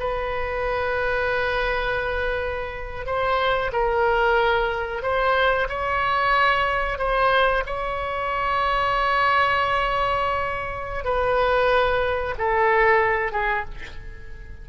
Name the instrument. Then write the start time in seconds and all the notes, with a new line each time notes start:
oboe
0.00 B4
3.07 C5
3.73 A#4
5.03 C5
5.69 C#5
6.99 C5
7.66 C#5
11.05 B4
12.39 A4
13.33 G#4